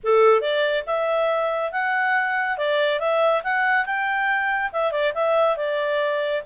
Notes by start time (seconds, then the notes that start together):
0.03 A4
0.41 D5
0.86 E5
1.71 F#5
2.57 D5
2.99 E5
3.43 F#5
3.85 G5
4.72 E5
4.91 D5
5.14 E5
5.56 D5